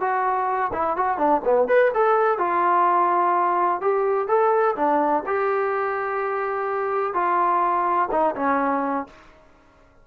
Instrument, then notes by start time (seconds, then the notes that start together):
trombone
0.00 F#4
0.73 E4
0.97 F#4
1.18 D4
1.45 B3
1.68 B4
1.94 A4
2.38 F4
3.81 G4
4.28 A4
4.76 D4
5.26 G4
7.14 F4
8.11 D#4
8.35 C#4